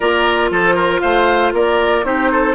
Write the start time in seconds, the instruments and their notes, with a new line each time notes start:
0.00 bassoon A#3, clarinet F4, oboe A#4, flute D5
0.50 bassoon F3, oboe A4, flute C5
0.74 oboe A#4
1.00 bassoon A3, oboe C5, flute F5
1.52 bassoon A#3, oboe A#4, flute D5
2.04 bassoon C4, clarinet D#4, oboe G4, flute C5
2.31 oboe A4